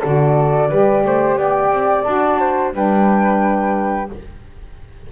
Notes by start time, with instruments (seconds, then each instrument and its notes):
0.00 double bass D3, saxophone F#4, flute A4 D5
0.69 double bass G3, saxophone G4, flute B4
1.05 double bass A3, flute C5
1.34 double bass B3, flute D5 G5
1.70 double bass C4
2.04 double bass D4, saxophone F#4, flute A5
2.40 flute C5
2.73 double bass G3, saxophone D4, flute B4 G5